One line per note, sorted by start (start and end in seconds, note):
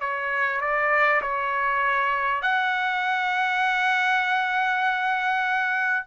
0.00 0.60 C#5
0.60 1.21 D5
1.21 2.42 C#5
2.42 6.06 F#5